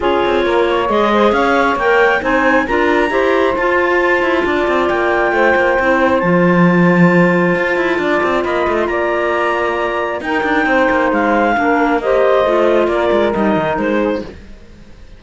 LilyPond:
<<
  \new Staff \with { instrumentName = "clarinet" } { \time 4/4 \tempo 4 = 135 cis''2 dis''4 f''4 | g''4 gis''4 ais''2 | a''2. g''4~ | g''2 a''2~ |
a''2. b''8. c'''16 | ais''2. g''4~ | g''4 f''2 dis''4~ | dis''4 d''4 dis''4 c''4 | }
  \new Staff \with { instrumentName = "saxophone" } { \time 4/4 gis'4 ais'8 cis''4 c''8 cis''4~ | cis''4 c''4 ais'4 c''4~ | c''2 d''2 | c''1~ |
c''2 d''4 dis''4 | d''2. ais'4 | c''2 ais'4 c''4~ | c''4 ais'2~ ais'8 gis'8 | }
  \new Staff \with { instrumentName = "clarinet" } { \time 4/4 f'2 gis'2 | ais'4 dis'4 f'4 g'4 | f'1~ | f'4 e'4 f'2~ |
f'1~ | f'2. dis'4~ | dis'2 d'4 g'4 | f'2 dis'2 | }
  \new Staff \with { instrumentName = "cello" } { \time 4/4 cis'8 c'8 ais4 gis4 cis'4 | ais4 c'4 d'4 e'4 | f'4. e'8 d'8 c'8 ais4 | a8 ais8 c'4 f2~ |
f4 f'8 e'8 d'8 c'8 ais8 a8 | ais2. dis'8 d'8 | c'8 ais8 gis4 ais2 | a4 ais8 gis8 g8 dis8 gis4 | }
>>